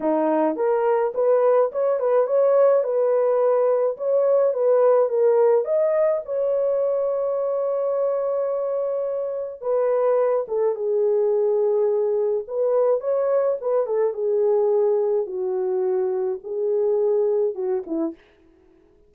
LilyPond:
\new Staff \with { instrumentName = "horn" } { \time 4/4 \tempo 4 = 106 dis'4 ais'4 b'4 cis''8 b'8 | cis''4 b'2 cis''4 | b'4 ais'4 dis''4 cis''4~ | cis''1~ |
cis''4 b'4. a'8 gis'4~ | gis'2 b'4 cis''4 | b'8 a'8 gis'2 fis'4~ | fis'4 gis'2 fis'8 e'8 | }